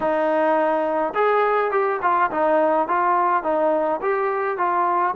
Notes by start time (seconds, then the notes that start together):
0.00 D#4
1.14 G#4
1.71 G4
2.02 F4
2.30 D#4
2.88 F4
3.43 D#4
4.01 G4
4.57 F4